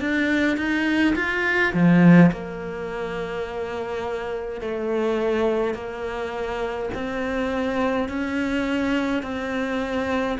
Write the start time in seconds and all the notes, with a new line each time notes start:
0.00 D4
0.57 D#4
1.15 F4
1.74 F3
2.32 A#3
4.61 A3
5.74 A#3
6.94 C4
8.09 C#4
9.23 C4